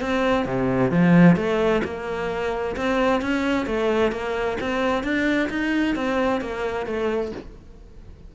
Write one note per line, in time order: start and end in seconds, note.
0.00 0.45 C4
0.45 0.91 C3
0.91 1.36 F3
1.36 1.82 A3
1.84 2.75 A#3
2.76 3.21 C4
3.21 3.66 C#4
3.66 4.11 A3
4.11 4.57 A#3
4.60 5.03 C4
5.03 5.49 D4
5.49 5.95 D#4
5.95 6.41 C4
6.41 6.86 A#3
6.86 7.32 A3